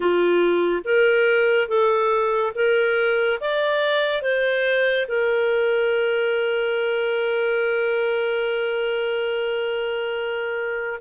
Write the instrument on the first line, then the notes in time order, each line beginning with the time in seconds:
clarinet
0.00 F4
0.84 A#4
1.68 A4
2.55 A#4
3.40 D5
4.22 C5
5.07 A#4